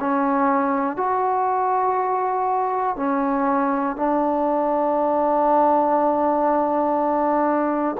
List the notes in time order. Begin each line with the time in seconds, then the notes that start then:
0.00 C#4
0.96 F#4
2.96 C#4
3.96 D4